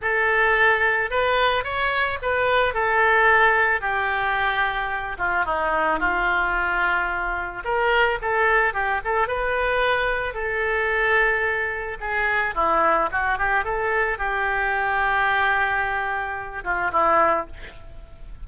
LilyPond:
\new Staff \with { instrumentName = "oboe" } { \time 4/4 \tempo 4 = 110 a'2 b'4 cis''4 | b'4 a'2 g'4~ | g'4. f'8 dis'4 f'4~ | f'2 ais'4 a'4 |
g'8 a'8 b'2 a'4~ | a'2 gis'4 e'4 | fis'8 g'8 a'4 g'2~ | g'2~ g'8 f'8 e'4 | }